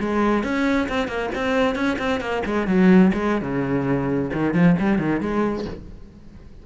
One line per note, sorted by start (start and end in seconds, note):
0.00 0.43 G#3
0.43 0.88 C#4
0.89 1.08 C4
1.08 1.30 A#3
1.35 1.75 C4
1.75 1.98 C#4
1.99 2.21 C4
2.21 2.43 A#3
2.45 2.67 G#3
2.67 3.12 F#3
3.13 3.42 G#3
3.42 4.31 C#3
4.33 4.54 D#3
4.54 4.76 F3
4.80 4.99 G3
4.99 5.21 D#3
5.21 5.65 G#3